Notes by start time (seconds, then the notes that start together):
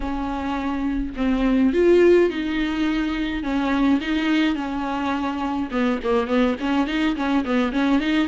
0.00 C#4
1.16 C4
1.73 F4
2.30 D#4
3.43 C#4
4.00 D#4
4.55 C#4
5.71 B3
6.03 A#3
6.27 B3
6.60 C#4
6.86 D#4
7.16 C#4
7.44 B3
7.72 C#4
8.00 D#4